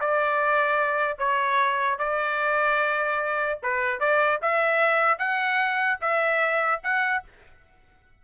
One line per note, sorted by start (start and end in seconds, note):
0.00 1.18 D5
1.18 1.98 C#5
1.98 3.59 D5
3.63 4.00 B4
4.00 4.40 D5
4.42 5.18 E5
5.18 5.99 F#5
6.01 6.81 E5
6.83 7.24 F#5